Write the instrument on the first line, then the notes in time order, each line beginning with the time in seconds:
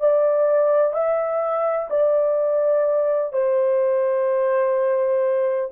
horn
0.00 D5
0.93 E5
1.90 D5
3.32 C5